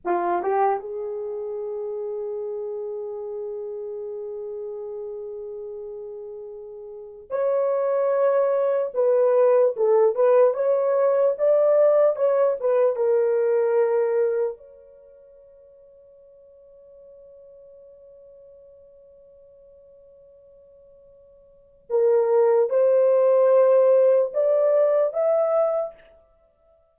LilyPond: \new Staff \with { instrumentName = "horn" } { \time 4/4 \tempo 4 = 74 f'8 g'8 gis'2.~ | gis'1~ | gis'4 cis''2 b'4 | a'8 b'8 cis''4 d''4 cis''8 b'8 |
ais'2 cis''2~ | cis''1~ | cis''2. ais'4 | c''2 d''4 e''4 | }